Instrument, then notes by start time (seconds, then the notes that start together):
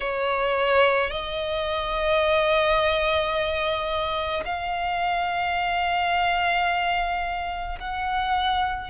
violin
0.00 C#5
1.10 D#5
4.45 F5
7.79 F#5